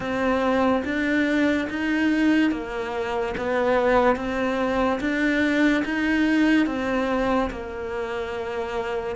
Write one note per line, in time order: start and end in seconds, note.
0.00 0.82 C4
0.84 1.67 D4
1.69 2.51 D#4
2.51 3.34 A#3
3.37 4.16 B3
4.16 4.99 C4
5.00 5.83 D4
5.84 6.66 D#4
6.66 7.50 C4
7.50 9.16 A#3